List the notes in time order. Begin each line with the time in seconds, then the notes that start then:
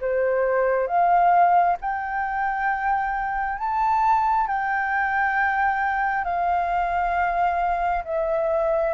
0.00 C5
0.87 F5
1.81 G5
3.58 A5
4.47 G5
6.24 F5
8.04 E5